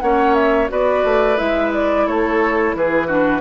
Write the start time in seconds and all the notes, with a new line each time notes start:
0.00 A#3 C#4 C#5 F#5
0.34 E5
0.68 B3 F#4 B4 D5
1.04 A3
1.37 G#3 E4 E5
1.73 D5
2.07 A3 A4 C#5
2.74 E3 G#4 B4
3.07 D4 F#4